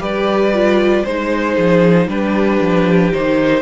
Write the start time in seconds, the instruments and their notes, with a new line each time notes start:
0.00 cello G3, viola G4, violin B4 D5
0.54 viola F4
1.03 cello G#3, viola D#4, violin C5
1.55 cello F3, violin G#4
2.08 cello G3, viola D4, violin G4 B4
2.61 cello F3
3.13 cello D#3, viola D#4, violin C5